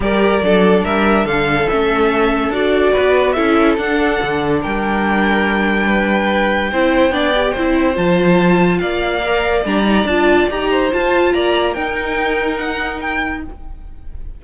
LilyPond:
<<
  \new Staff \with { instrumentName = "violin" } { \time 4/4 \tempo 4 = 143 d''2 e''4 f''4 | e''2 d''2 | e''4 fis''2 g''4~ | g''1~ |
g''2. a''4~ | a''4 f''2 ais''4 | a''4 ais''4 a''4 ais''4 | g''2 fis''4 g''4 | }
  \new Staff \with { instrumentName = "violin" } { \time 4/4 ais'4 a'4 ais'4 a'4~ | a'2. b'4 | a'2. ais'4~ | ais'2 b'2 |
c''4 d''4 c''2~ | c''4 d''2.~ | d''4. c''4. d''4 | ais'1 | }
  \new Staff \with { instrumentName = "viola" } { \time 4/4 g'4 d'2. | cis'2 fis'2 | e'4 d'2.~ | d'1 |
e'4 d'8 g'8 e'4 f'4~ | f'2 ais'4 d'8 dis'8 | f'4 g'4 f'2 | dis'1 | }
  \new Staff \with { instrumentName = "cello" } { \time 4/4 g4 fis4 g4 d4 | a2 d'4 b4 | cis'4 d'4 d4 g4~ | g1 |
c'4 b4 c'4 f4~ | f4 ais2 g4 | d'4 dis'4 f'4 ais4 | dis'1 | }
>>